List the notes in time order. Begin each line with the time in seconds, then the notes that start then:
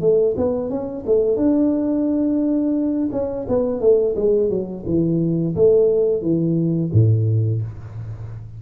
0.00 A3
0.36 B3
0.70 C#4
1.06 A3
1.36 D4
3.12 C#4
3.48 B3
3.81 A3
4.15 G#3
4.49 F#3
4.86 E3
5.55 A3
6.22 E3
6.93 A2